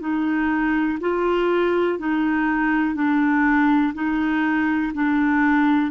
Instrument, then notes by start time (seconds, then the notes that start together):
clarinet
0.00 D#4
1.00 F4
1.99 D#4
2.95 D4
3.94 D#4
4.94 D4